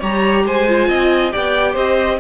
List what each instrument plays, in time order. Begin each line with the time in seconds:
0.00 cello G3, viola G4, violin C#5 A#5
0.44 cello G#3, violin C5 G#5
0.68 viola F4
0.88 cello C4, violin D#5
1.32 cello B3, viola G4, violin D5 G5
1.73 cello C4, violin C5 D#5